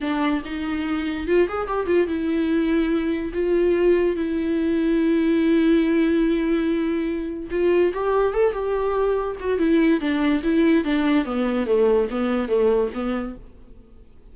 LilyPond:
\new Staff \with { instrumentName = "viola" } { \time 4/4 \tempo 4 = 144 d'4 dis'2 f'8 gis'8 | g'8 f'8 e'2. | f'2 e'2~ | e'1~ |
e'2 f'4 g'4 | a'8 g'2 fis'8 e'4 | d'4 e'4 d'4 b4 | a4 b4 a4 b4 | }